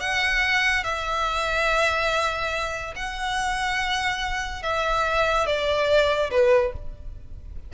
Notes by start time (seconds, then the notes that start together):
0.00 F#5
0.84 E5
2.95 F#5
4.62 E5
5.46 D5
6.30 B4